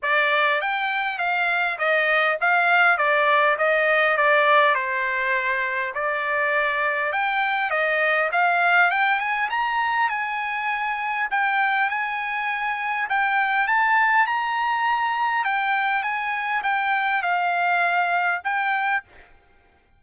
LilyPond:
\new Staff \with { instrumentName = "trumpet" } { \time 4/4 \tempo 4 = 101 d''4 g''4 f''4 dis''4 | f''4 d''4 dis''4 d''4 | c''2 d''2 | g''4 dis''4 f''4 g''8 gis''8 |
ais''4 gis''2 g''4 | gis''2 g''4 a''4 | ais''2 g''4 gis''4 | g''4 f''2 g''4 | }